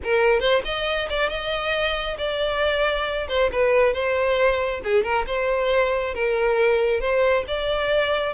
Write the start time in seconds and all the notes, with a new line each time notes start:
0.03 A#4
0.40 C5
0.64 D#5
1.09 D5
1.29 D#5
2.18 D5
3.28 C5
3.52 B4
3.93 C5
4.84 G#4
5.03 A#4
5.27 C5
6.14 A#4
7.00 C5
7.47 D5